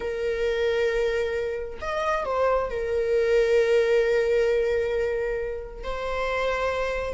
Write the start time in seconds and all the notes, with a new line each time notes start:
0.00 A#4
1.81 D#5
2.25 C5
2.70 A#4
5.83 C5